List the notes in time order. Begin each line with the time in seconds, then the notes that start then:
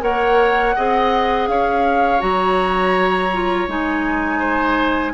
0.00 A#3 A#4 C#5 F#5
0.76 C4 G#4 D#5
1.48 C#4 C#5 F5
2.19 F#3 F#4 A#5
3.33 F4
3.68 G#3 D#4 G#5
4.39 C5